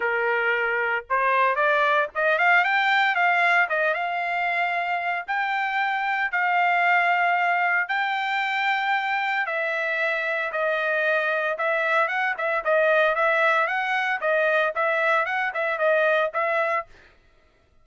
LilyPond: \new Staff \with { instrumentName = "trumpet" } { \time 4/4 \tempo 4 = 114 ais'2 c''4 d''4 | dis''8 f''8 g''4 f''4 dis''8 f''8~ | f''2 g''2 | f''2. g''4~ |
g''2 e''2 | dis''2 e''4 fis''8 e''8 | dis''4 e''4 fis''4 dis''4 | e''4 fis''8 e''8 dis''4 e''4 | }